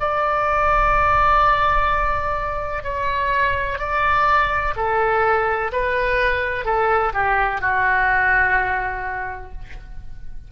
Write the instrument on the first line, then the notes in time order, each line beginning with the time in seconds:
oboe
0.00 D5
2.84 C#5
3.79 D5
4.77 A4
5.73 B4
6.65 A4
7.14 G4
7.61 F#4